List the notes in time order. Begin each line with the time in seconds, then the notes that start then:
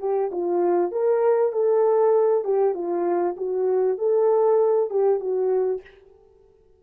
0.00 G4
0.32 F4
0.92 A#4
1.53 A4
2.45 G4
2.75 F4
3.37 F#4
3.98 A4
4.90 G4
5.20 F#4